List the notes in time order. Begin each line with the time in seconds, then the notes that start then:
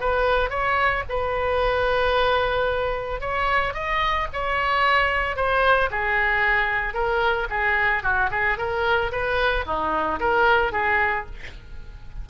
0.00 B4
0.49 C#5
1.09 B4
3.20 C#5
3.74 D#5
4.33 C#5
5.36 C5
5.91 G#4
6.94 A#4
7.50 G#4
8.03 F#4
8.31 G#4
8.58 A#4
9.11 B4
9.66 D#4
10.20 A#4
10.72 G#4